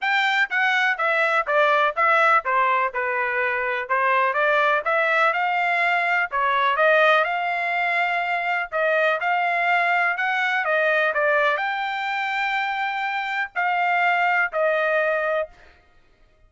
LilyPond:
\new Staff \with { instrumentName = "trumpet" } { \time 4/4 \tempo 4 = 124 g''4 fis''4 e''4 d''4 | e''4 c''4 b'2 | c''4 d''4 e''4 f''4~ | f''4 cis''4 dis''4 f''4~ |
f''2 dis''4 f''4~ | f''4 fis''4 dis''4 d''4 | g''1 | f''2 dis''2 | }